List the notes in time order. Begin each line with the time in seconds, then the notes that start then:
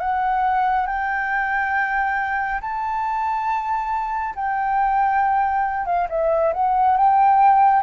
0.00 F#5
0.86 G5
2.60 A5
4.35 G5
5.85 F5
6.09 E5
6.53 F#5
6.96 G5